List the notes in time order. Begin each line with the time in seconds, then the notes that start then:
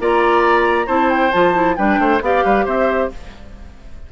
0.00 A#3 F4 D5 A#5
0.87 C4 E4 C5 A5
1.10 G5
1.32 F3 F4 A5
1.54 E4
1.76 G3 D4 B4 G5
1.99 A3 C5
2.21 B3 G4 D5 F5
2.44 G3 B4
2.65 C4 C5 E5